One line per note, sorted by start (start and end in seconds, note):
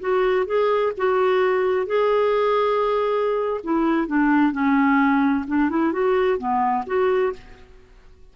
0.00 0.46 F#4
0.46 0.93 G#4
0.97 1.86 F#4
1.86 3.61 G#4
3.64 4.07 E4
4.07 4.52 D4
4.52 5.45 C#4
5.47 5.70 D4
5.70 5.92 E4
5.92 6.38 F#4
6.38 6.85 B3
6.86 7.33 F#4